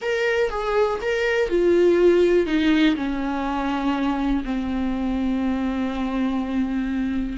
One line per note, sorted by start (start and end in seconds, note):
0.01 0.49 A#4
0.49 0.99 G#4
1.01 1.49 A#4
1.49 2.46 F4
2.46 2.95 D#4
2.96 4.43 C#4
4.44 7.37 C4